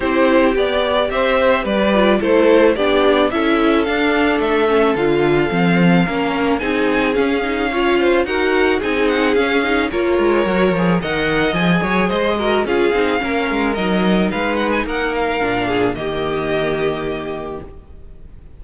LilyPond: <<
  \new Staff \with { instrumentName = "violin" } { \time 4/4 \tempo 4 = 109 c''4 d''4 e''4 d''4 | c''4 d''4 e''4 f''4 | e''4 f''2. | gis''4 f''2 fis''4 |
gis''8 fis''8 f''4 cis''2 | fis''4 gis''4 dis''4 f''4~ | f''4 dis''4 f''8 fis''16 gis''16 fis''8 f''8~ | f''4 dis''2. | }
  \new Staff \with { instrumentName = "violin" } { \time 4/4 g'2 c''4 b'4 | a'4 g'4 a'2~ | a'2. ais'4 | gis'2 cis''8 c''8 ais'4 |
gis'2 ais'2 | dis''4. cis''8 c''8 ais'8 gis'4 | ais'2 b'4 ais'4~ | ais'8 gis'8 g'2. | }
  \new Staff \with { instrumentName = "viola" } { \time 4/4 e'4 g'2~ g'8 f'8 | e'4 d'4 e'4 d'4~ | d'8 cis'8 f'4 c'4 cis'4 | dis'4 cis'8 dis'8 f'4 fis'4 |
dis'4 cis'8 dis'8 f'4 fis'8 gis'8 | ais'4 gis'4. fis'8 f'8 dis'8 | cis'4 dis'2. | d'4 ais2. | }
  \new Staff \with { instrumentName = "cello" } { \time 4/4 c'4 b4 c'4 g4 | a4 b4 cis'4 d'4 | a4 d4 f4 ais4 | c'4 cis'2 dis'4 |
c'4 cis'4 ais8 gis8 fis8 f8 | dis4 f8 fis8 gis4 cis'8 c'8 | ais8 gis8 fis4 gis4 ais4 | ais,4 dis2. | }
>>